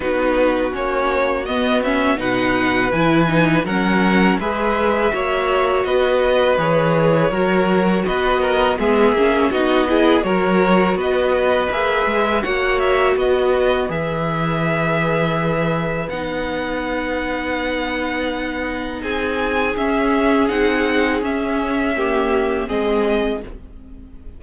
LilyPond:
<<
  \new Staff \with { instrumentName = "violin" } { \time 4/4 \tempo 4 = 82 b'4 cis''4 dis''8 e''8 fis''4 | gis''4 fis''4 e''2 | dis''4 cis''2 dis''4 | e''4 dis''4 cis''4 dis''4 |
e''4 fis''8 e''8 dis''4 e''4~ | e''2 fis''2~ | fis''2 gis''4 e''4 | fis''4 e''2 dis''4 | }
  \new Staff \with { instrumentName = "violin" } { \time 4/4 fis'2. b'4~ | b'4 ais'4 b'4 cis''4 | b'2 ais'4 b'8 ais'8 | gis'4 fis'8 gis'8 ais'4 b'4~ |
b'4 cis''4 b'2~ | b'1~ | b'2 gis'2~ | gis'2 g'4 gis'4 | }
  \new Staff \with { instrumentName = "viola" } { \time 4/4 dis'4 cis'4 b8 cis'8 dis'4 | e'8 dis'8 cis'4 gis'4 fis'4~ | fis'4 gis'4 fis'2 | b8 cis'8 dis'8 e'8 fis'2 |
gis'4 fis'2 gis'4~ | gis'2 dis'2~ | dis'2. cis'4 | dis'4 cis'4 ais4 c'4 | }
  \new Staff \with { instrumentName = "cello" } { \time 4/4 b4 ais4 b4 b,4 | e4 fis4 gis4 ais4 | b4 e4 fis4 b4 | gis8 ais8 b4 fis4 b4 |
ais8 gis8 ais4 b4 e4~ | e2 b2~ | b2 c'4 cis'4 | c'4 cis'2 gis4 | }
>>